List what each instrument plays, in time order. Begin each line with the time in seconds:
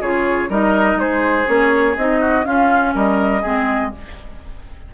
0.00 bassoon C#3, clarinet F4, oboe G#4, flute C#5
0.49 bassoon G3, clarinet D#4, oboe A#4, flute D#5
0.95 bassoon G#3, oboe G#4, flute C5
1.45 bassoon A#3, clarinet C#4, flute C#5
1.96 bassoon C4, clarinet D#4, flute D#5
2.20 oboe F#4
2.44 clarinet C#4, bassoon C#4, oboe F4, flute F5
2.94 bassoon G3, oboe A#4, flute D#5
3.41 bassoon G#3, clarinet C4, oboe G#4